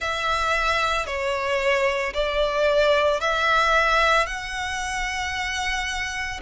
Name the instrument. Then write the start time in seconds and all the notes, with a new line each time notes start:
violin
0.00 E5
1.06 C#5
2.13 D5
3.20 E5
4.26 F#5